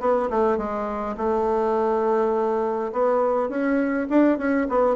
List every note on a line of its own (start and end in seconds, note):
0.00 0.29 B3
0.30 0.57 A3
0.57 1.15 G#3
1.17 2.92 A3
2.92 3.49 B3
3.49 4.07 C#4
4.09 4.38 D4
4.38 4.67 C#4
4.69 4.96 B3